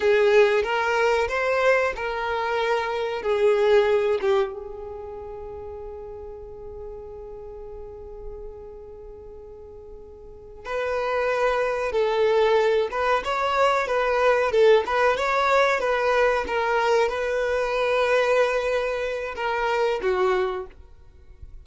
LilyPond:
\new Staff \with { instrumentName = "violin" } { \time 4/4 \tempo 4 = 93 gis'4 ais'4 c''4 ais'4~ | ais'4 gis'4. g'8 gis'4~ | gis'1~ | gis'1~ |
gis'8 b'2 a'4. | b'8 cis''4 b'4 a'8 b'8 cis''8~ | cis''8 b'4 ais'4 b'4.~ | b'2 ais'4 fis'4 | }